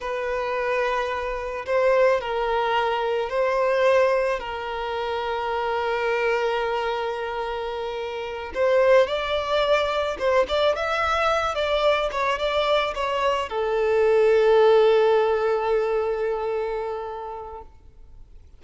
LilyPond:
\new Staff \with { instrumentName = "violin" } { \time 4/4 \tempo 4 = 109 b'2. c''4 | ais'2 c''2 | ais'1~ | ais'2.~ ais'8 c''8~ |
c''8 d''2 c''8 d''8 e''8~ | e''4 d''4 cis''8 d''4 cis''8~ | cis''8 a'2.~ a'8~ | a'1 | }